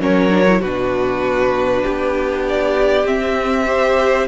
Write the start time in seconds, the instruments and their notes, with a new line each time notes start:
0.00 cello F#3, viola C#4, violin A#4 C#5
0.30 viola D4
0.48 viola E4
0.61 cello B2, viola D4, violin F#4 B4
1.83 cello B3, violin G4
2.49 violin D5
3.05 cello C4, viola C4, violin E5
3.67 viola G4, violin C5